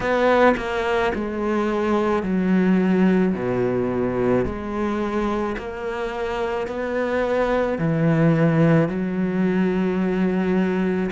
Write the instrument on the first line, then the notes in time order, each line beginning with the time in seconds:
cello
0.00 B3
0.57 A#3
1.14 G#3
2.22 F#3
3.34 B2
4.44 G#3
5.57 A#3
6.67 B3
7.78 E3
8.88 F#3